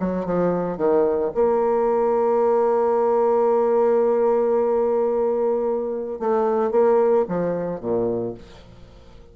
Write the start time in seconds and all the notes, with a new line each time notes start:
0.00 F#3
0.26 F3
0.78 D#3
1.35 A#3
6.20 A3
6.71 A#3
7.28 F3
7.80 A#2